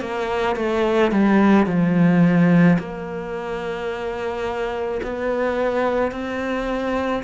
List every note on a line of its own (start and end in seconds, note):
0.00 0.56 A#3
0.56 1.12 A3
1.12 1.66 G3
1.66 2.77 F3
2.78 5.01 A#3
5.03 6.11 B3
6.11 7.22 C4